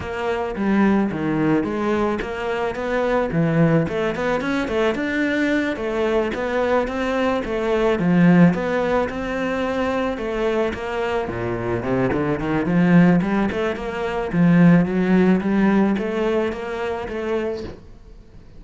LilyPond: \new Staff \with { instrumentName = "cello" } { \time 4/4 \tempo 4 = 109 ais4 g4 dis4 gis4 | ais4 b4 e4 a8 b8 | cis'8 a8 d'4. a4 b8~ | b8 c'4 a4 f4 b8~ |
b8 c'2 a4 ais8~ | ais8 ais,4 c8 d8 dis8 f4 | g8 a8 ais4 f4 fis4 | g4 a4 ais4 a4 | }